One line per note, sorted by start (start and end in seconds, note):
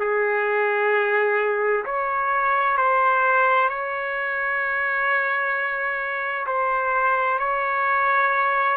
0.00 1.85 G#4
1.85 2.77 C#5
2.78 3.69 C5
3.69 6.46 C#5
6.47 7.39 C5
7.39 8.77 C#5